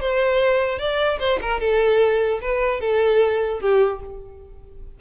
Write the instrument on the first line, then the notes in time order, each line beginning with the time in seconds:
violin
0.00 C5
0.78 D5
1.19 C5
1.41 A#4
1.60 A4
2.41 B4
2.80 A4
3.60 G4